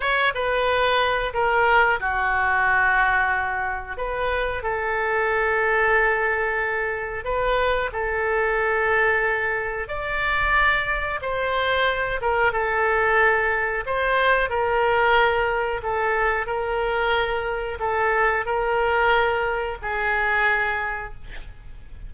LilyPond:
\new Staff \with { instrumentName = "oboe" } { \time 4/4 \tempo 4 = 91 cis''8 b'4. ais'4 fis'4~ | fis'2 b'4 a'4~ | a'2. b'4 | a'2. d''4~ |
d''4 c''4. ais'8 a'4~ | a'4 c''4 ais'2 | a'4 ais'2 a'4 | ais'2 gis'2 | }